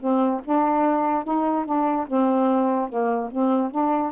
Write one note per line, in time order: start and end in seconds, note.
0.00 0.41 C4
0.45 1.24 D4
1.24 1.66 D#4
1.66 2.07 D4
2.07 2.89 C4
2.89 3.30 A#3
3.31 3.71 C4
3.71 4.12 D4